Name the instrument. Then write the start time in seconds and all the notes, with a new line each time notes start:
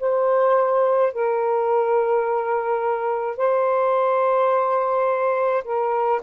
saxophone
0.00 C5
1.13 A#4
3.38 C5
5.64 A#4